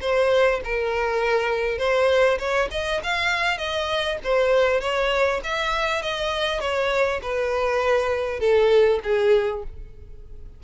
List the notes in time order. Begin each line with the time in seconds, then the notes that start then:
0.00 C5
0.64 A#4
1.78 C5
2.38 C#5
2.71 D#5
3.03 F5
3.58 D#5
4.24 C5
4.81 C#5
5.44 E5
6.02 D#5
6.60 C#5
7.22 B4
8.39 A4
9.03 G#4